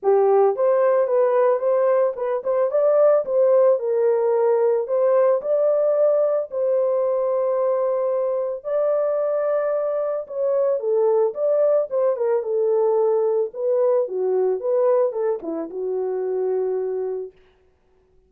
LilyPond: \new Staff \with { instrumentName = "horn" } { \time 4/4 \tempo 4 = 111 g'4 c''4 b'4 c''4 | b'8 c''8 d''4 c''4 ais'4~ | ais'4 c''4 d''2 | c''1 |
d''2. cis''4 | a'4 d''4 c''8 ais'8 a'4~ | a'4 b'4 fis'4 b'4 | a'8 e'8 fis'2. | }